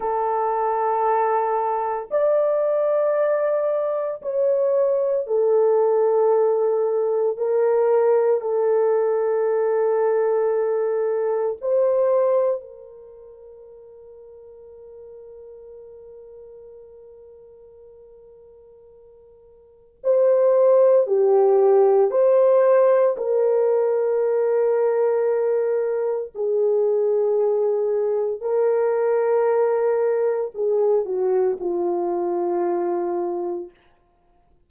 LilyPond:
\new Staff \with { instrumentName = "horn" } { \time 4/4 \tempo 4 = 57 a'2 d''2 | cis''4 a'2 ais'4 | a'2. c''4 | ais'1~ |
ais'2. c''4 | g'4 c''4 ais'2~ | ais'4 gis'2 ais'4~ | ais'4 gis'8 fis'8 f'2 | }